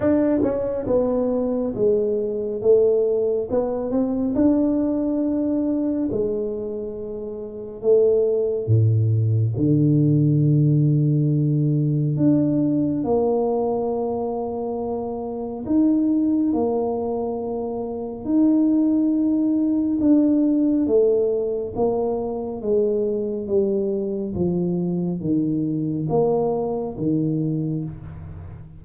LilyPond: \new Staff \with { instrumentName = "tuba" } { \time 4/4 \tempo 4 = 69 d'8 cis'8 b4 gis4 a4 | b8 c'8 d'2 gis4~ | gis4 a4 a,4 d4~ | d2 d'4 ais4~ |
ais2 dis'4 ais4~ | ais4 dis'2 d'4 | a4 ais4 gis4 g4 | f4 dis4 ais4 dis4 | }